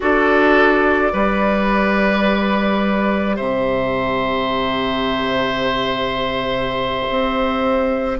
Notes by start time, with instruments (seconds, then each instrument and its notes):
0.00 bassoon D4, clarinet F#4, oboe A4, flute D5
1.12 bassoon G3, clarinet G4, oboe B4
3.36 bassoon C3, oboe C5, flute E5
7.09 bassoon C4